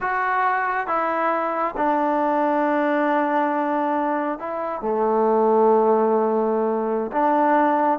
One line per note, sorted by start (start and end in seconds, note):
0.00 0.87 F#4
0.87 1.74 E4
1.77 4.38 D4
4.38 4.81 E4
4.81 7.11 A3
7.12 7.99 D4